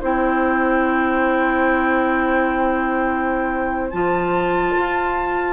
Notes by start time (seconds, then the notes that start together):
0.00 C4 E4 C5 G5
3.90 F3 F4 A5
4.76 F4